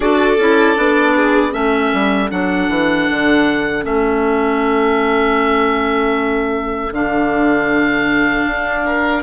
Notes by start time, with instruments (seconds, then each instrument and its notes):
0.00 bassoon D4, clarinet F#4, violin A4, oboe D5
0.37 bassoon C#4, clarinet E4
0.76 bassoon B3, clarinet D4
1.16 violin G#4
1.51 bassoon A3, clarinet C#4, violin A4, oboe E5
1.93 bassoon G3
2.30 bassoon F#3, clarinet D4, oboe F#5
2.69 bassoon E3
3.10 bassoon D3
3.82 bassoon A3, clarinet C#4, oboe E5
6.91 bassoon D3, clarinet D4, oboe F5
8.46 bassoon D4
8.84 violin A#4